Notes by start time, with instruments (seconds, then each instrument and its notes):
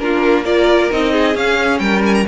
0.00 cello A#3, viola D4, violin F4 A#4
0.44 viola F4, violin A#4 D5
0.91 cello C4, viola D#4, violin D#5
1.12 violin G#4
1.35 viola C#4, cello C#4, violin F5
1.79 cello G3, violin A#4 G5
2.06 violin G#5
2.15 violin A#5